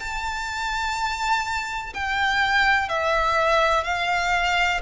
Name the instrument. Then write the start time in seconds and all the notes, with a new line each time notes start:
violin
0.00 A5
1.94 G5
2.89 E5
3.84 F5